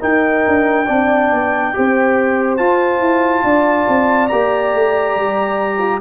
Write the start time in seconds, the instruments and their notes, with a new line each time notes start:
0.00 trombone D#4, tuba D#4, horn A#4, trumpet G5
0.47 tuba D4
0.86 tuba C4, trombone D4, horn D5
1.31 tuba B3
1.73 tuba C4, trombone G4, horn C5
2.57 trombone F4, tuba F4, trumpet A5
2.99 tuba E4
3.43 tuba D4, horn D5
3.88 tuba C4
4.28 tuba A#3, trombone G4, trumpet A#5
4.73 tuba A3
5.16 tuba G3
5.78 horn F4